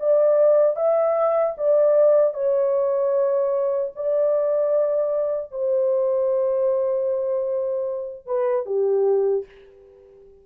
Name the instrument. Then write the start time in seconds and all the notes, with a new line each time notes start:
horn
0.00 D5
0.76 E5
1.58 D5
2.34 C#5
3.95 D5
5.52 C5
8.26 B4
8.66 G4